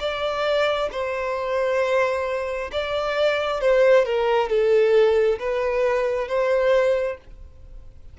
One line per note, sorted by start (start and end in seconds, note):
0.00 0.90 D5
0.92 2.71 C5
2.73 3.61 D5
3.61 4.06 C5
4.06 4.50 A#4
4.50 5.39 A4
5.39 6.28 B4
6.28 7.18 C5